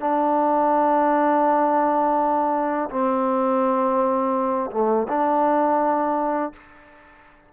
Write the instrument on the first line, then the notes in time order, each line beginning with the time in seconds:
trombone
0.00 D4
2.89 C4
4.71 A3
5.08 D4